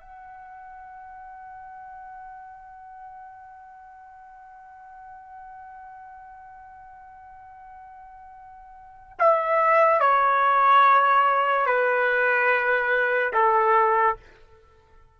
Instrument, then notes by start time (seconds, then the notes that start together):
trumpet
0.00 F#5
9.19 E5
10.00 C#5
11.66 B4
13.33 A4